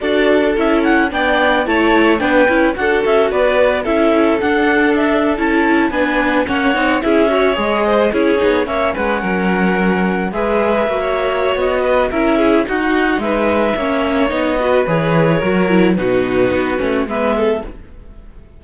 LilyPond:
<<
  \new Staff \with { instrumentName = "clarinet" } { \time 4/4 \tempo 4 = 109 d''4 e''8 fis''8 g''4 a''4 | g''4 fis''8 e''8 d''4 e''4 | fis''4 e''8. a''4 gis''4 fis''16~ | fis''8. e''4 dis''4 cis''4 e''16~ |
e''16 fis''2~ fis''8 e''4~ e''16~ | e''4 dis''4 e''4 fis''4 | e''2 dis''4 cis''4~ | cis''4 b'2 e''4 | }
  \new Staff \with { instrumentName = "violin" } { \time 4/4 a'2 d''4 cis''4 | b'4 a'4 b'4 a'4~ | a'2~ a'8. b'4 cis''16~ | cis''8. gis'8 cis''4 c''8 gis'4 cis''16~ |
cis''16 b'8 ais'2 b'4~ b'16 | cis''4. b'8 ais'8 gis'8 fis'4 | b'4 cis''4. b'4. | ais'4 fis'2 b'8 a'8 | }
  \new Staff \with { instrumentName = "viola" } { \time 4/4 fis'4 e'4 d'4 e'4 | d'8 e'8 fis'2 e'4 | d'4.~ d'16 e'4 d'4 cis'16~ | cis'16 dis'8 e'8 fis'8 gis'4 e'8 dis'8 cis'16~ |
cis'2~ cis'8. gis'4 fis'16~ | fis'2 e'4 dis'4~ | dis'4 cis'4 dis'8 fis'8 gis'4 | fis'8 e'8 dis'4. cis'8 b4 | }
  \new Staff \with { instrumentName = "cello" } { \time 4/4 d'4 cis'4 b4 a4 | b8 cis'8 d'8 cis'8 b4 cis'4 | d'4.~ d'16 cis'4 b4 ais16~ | ais16 c'8 cis'4 gis4 cis'8 b8 ais16~ |
ais16 gis8 fis2 gis4 ais16~ | ais4 b4 cis'4 dis'4 | gis4 ais4 b4 e4 | fis4 b,4 b8 a8 gis4 | }
>>